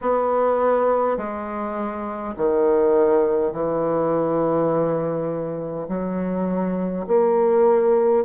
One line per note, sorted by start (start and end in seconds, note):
0.01 1.17 B3
1.17 2.35 G#3
2.36 3.52 D#3
3.52 5.87 E3
5.88 7.06 F#3
7.07 8.25 A#3